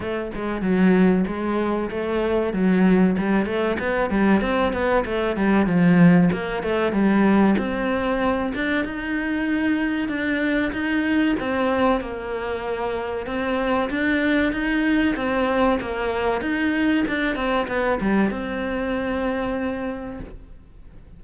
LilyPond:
\new Staff \with { instrumentName = "cello" } { \time 4/4 \tempo 4 = 95 a8 gis8 fis4 gis4 a4 | fis4 g8 a8 b8 g8 c'8 b8 | a8 g8 f4 ais8 a8 g4 | c'4. d'8 dis'2 |
d'4 dis'4 c'4 ais4~ | ais4 c'4 d'4 dis'4 | c'4 ais4 dis'4 d'8 c'8 | b8 g8 c'2. | }